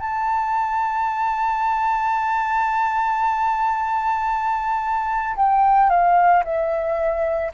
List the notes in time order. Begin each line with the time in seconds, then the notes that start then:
0.00 A5
5.36 G5
5.90 F5
6.44 E5